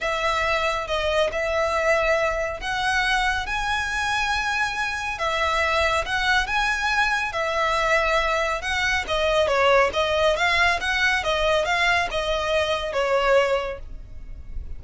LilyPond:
\new Staff \with { instrumentName = "violin" } { \time 4/4 \tempo 4 = 139 e''2 dis''4 e''4~ | e''2 fis''2 | gis''1 | e''2 fis''4 gis''4~ |
gis''4 e''2. | fis''4 dis''4 cis''4 dis''4 | f''4 fis''4 dis''4 f''4 | dis''2 cis''2 | }